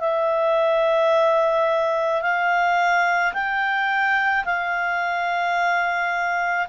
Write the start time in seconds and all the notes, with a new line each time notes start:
0.00 E5
2.22 F5
3.34 G5
4.45 F5